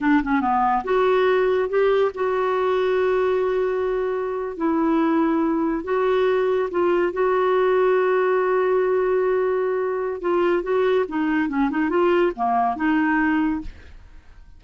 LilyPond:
\new Staff \with { instrumentName = "clarinet" } { \time 4/4 \tempo 4 = 141 d'8 cis'8 b4 fis'2 | g'4 fis'2.~ | fis'2~ fis'8. e'4~ e'16~ | e'4.~ e'16 fis'2 f'16~ |
f'8. fis'2.~ fis'16~ | fis'1 | f'4 fis'4 dis'4 cis'8 dis'8 | f'4 ais4 dis'2 | }